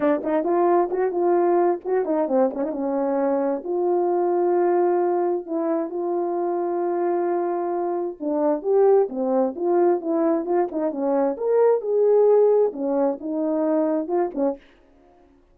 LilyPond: \new Staff \with { instrumentName = "horn" } { \time 4/4 \tempo 4 = 132 d'8 dis'8 f'4 fis'8 f'4. | fis'8 dis'8 c'8 cis'16 dis'16 cis'2 | f'1 | e'4 f'2.~ |
f'2 d'4 g'4 | c'4 f'4 e'4 f'8 dis'8 | cis'4 ais'4 gis'2 | cis'4 dis'2 f'8 cis'8 | }